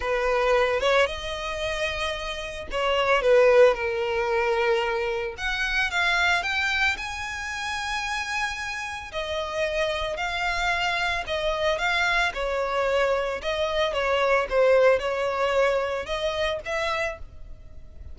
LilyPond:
\new Staff \with { instrumentName = "violin" } { \time 4/4 \tempo 4 = 112 b'4. cis''8 dis''2~ | dis''4 cis''4 b'4 ais'4~ | ais'2 fis''4 f''4 | g''4 gis''2.~ |
gis''4 dis''2 f''4~ | f''4 dis''4 f''4 cis''4~ | cis''4 dis''4 cis''4 c''4 | cis''2 dis''4 e''4 | }